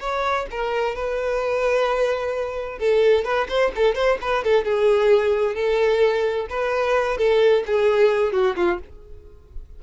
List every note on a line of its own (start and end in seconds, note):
0.00 0.46 C#5
0.51 0.95 A#4
0.95 2.79 B4
2.79 3.24 A4
3.24 3.47 B4
3.48 3.72 C5
3.76 3.95 A4
3.95 4.18 C5
4.21 4.44 B4
4.44 4.65 A4
4.65 5.55 G#4
5.55 6.47 A4
6.50 7.17 B4
7.17 7.64 A4
7.66 8.32 G#4
8.32 8.56 F#4
8.56 8.79 F4